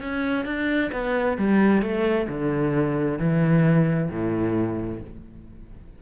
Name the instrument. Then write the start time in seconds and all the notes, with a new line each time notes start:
cello
0.00 C#4
0.45 D4
0.92 B3
1.37 G3
1.81 A3
2.28 D3
3.18 E3
4.10 A2